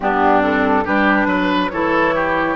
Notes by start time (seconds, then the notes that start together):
0.00 G2 B3 D4 G4
0.40 C4 A4
0.84 G3 D4 G4 B4
1.26 F#3 B4
1.70 E3 E4 A4 C#5
2.14 G4